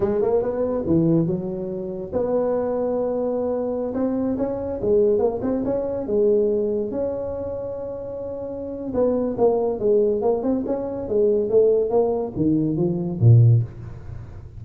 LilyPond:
\new Staff \with { instrumentName = "tuba" } { \time 4/4 \tempo 4 = 141 gis8 ais8 b4 e4 fis4~ | fis4 b2.~ | b4~ b16 c'4 cis'4 gis8.~ | gis16 ais8 c'8 cis'4 gis4.~ gis16~ |
gis16 cis'2.~ cis'8.~ | cis'4 b4 ais4 gis4 | ais8 c'8 cis'4 gis4 a4 | ais4 dis4 f4 ais,4 | }